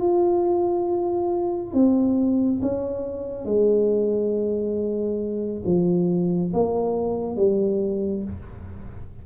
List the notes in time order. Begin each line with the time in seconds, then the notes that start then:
0.00 F4
1.74 C4
2.62 C#4
3.45 G#3
5.66 F3
6.54 A#3
7.36 G3